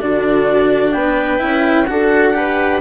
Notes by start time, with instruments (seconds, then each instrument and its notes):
0.00 bassoon D3, cello D4, viola F#4, clarinet D5
0.92 bassoon B3, viola B4, clarinet G5
1.38 bassoon C#4, cello E4
1.86 bassoon D4, cello F#4, viola A4, clarinet F#5
2.33 cello G4, viola B4